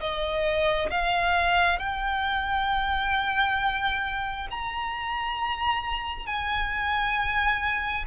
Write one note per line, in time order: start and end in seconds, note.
0.00 0.90 D#5
0.90 1.79 F5
1.79 4.48 G5
4.50 6.26 A#5
6.26 8.05 G#5